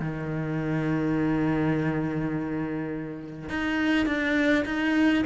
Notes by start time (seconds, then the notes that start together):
0.00 D#3
3.49 D#4
4.06 D4
4.65 D#4